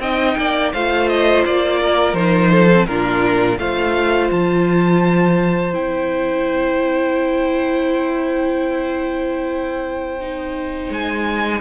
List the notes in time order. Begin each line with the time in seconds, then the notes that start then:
0.00 C4 D#4 D#5 G5
0.38 A#3 D5
0.73 A3 F4 C5 F5
1.09 D#5
1.46 A#3 D5
1.82 A#4
2.14 F3 D#4 C5
2.52 A4
2.73 C4
2.87 A#2 D4 F4 A#4
3.59 A3 F4 C5 F5
4.31 F3 A5
5.74 C4 E4 G5
10.21 D#4
10.90 G#3 G#5